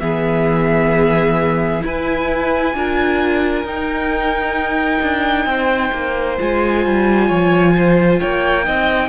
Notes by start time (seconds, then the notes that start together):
0.00 E3 B3 G#4 E5
1.81 E4 B4 G#5
2.74 D4 F4 A#4
3.63 D#4 G5
5.02 D4
5.46 C4 C5
5.92 A#3
6.38 G#3 F4 G#5
6.86 G3
7.27 F3 C#5
7.77 C5
8.20 A#3 C#5 G5
8.63 C4 D#4 D#5